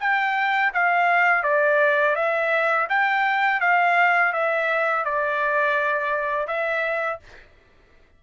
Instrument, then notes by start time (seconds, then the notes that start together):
trumpet
0.00 G5
0.74 F5
1.43 D5
2.16 E5
2.89 G5
3.60 F5
4.33 E5
5.05 D5
6.47 E5